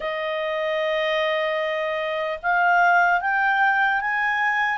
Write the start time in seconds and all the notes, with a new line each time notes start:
0.00 D#5
2.42 F5
3.20 G5
4.00 G#5